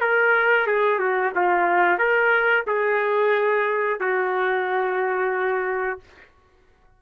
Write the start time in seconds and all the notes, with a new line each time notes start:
0.00 A#4
0.66 G#4
0.99 F#4
1.35 F4
1.98 A#4
2.66 G#4
3.99 F#4